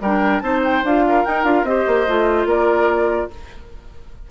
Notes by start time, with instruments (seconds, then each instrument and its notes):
0.00 bassoon G3, clarinet D4, oboe A#4, flute G5
0.40 bassoon C4, clarinet D#4, oboe C5, flute A5
0.64 flute G5
0.84 bassoon D4, clarinet F4, flute F5
1.09 oboe A#4
1.25 clarinet D#4, bassoon D#4, flute G5
1.44 bassoon D4, clarinet F4, flute F5
1.63 bassoon C4, clarinet G4, oboe C5, flute D#5
1.87 bassoon A#3
2.08 bassoon A3, clarinet F4
2.45 bassoon A#3, oboe A#4, flute D5